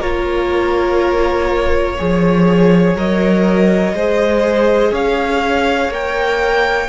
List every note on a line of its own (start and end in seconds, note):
0.00 1.99 A#3
0.00 1.98 F4
0.00 1.97 A#4
0.00 2.97 C#5
1.99 2.95 F3
1.99 2.97 G#4
1.99 3.95 C#5
2.95 3.93 F#3
2.95 3.95 A#4
2.95 4.95 D#5
3.93 4.92 G#3
3.93 5.92 G#4
3.93 4.92 C5
4.92 5.89 C#4
4.92 6.89 C#5
4.92 5.93 F5
5.89 6.88 A#3
5.89 6.89 A#4
5.89 6.89 G5